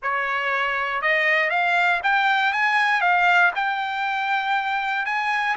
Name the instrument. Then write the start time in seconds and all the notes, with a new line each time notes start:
trumpet
0.02 C#5
1.01 D#5
1.50 F5
2.03 G5
2.52 G#5
3.01 F5
3.55 G5
5.05 G#5